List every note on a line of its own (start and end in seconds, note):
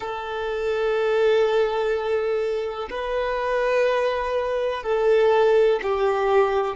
0.00 2.89 A4
2.89 4.83 B4
4.83 5.80 A4
5.82 6.75 G4